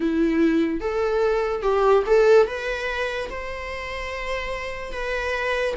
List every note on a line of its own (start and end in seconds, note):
0.00 0.80 E4
0.80 1.62 A4
1.62 2.03 G4
2.06 2.47 A4
2.47 3.29 B4
3.30 4.92 C5
4.92 5.74 B4